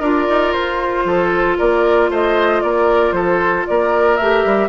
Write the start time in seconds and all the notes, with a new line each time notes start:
0.00 D4 F4 A#4 D5
0.29 D#4
0.52 F4 C5
1.05 F3 A4
1.58 A#3 A#4 D5
2.10 A3 C5 D#5
2.62 A#3 A#4 D5
3.12 F3 A4 C5
3.67 A#3 A#4 D5
4.16 A3 G4 E5
4.45 G3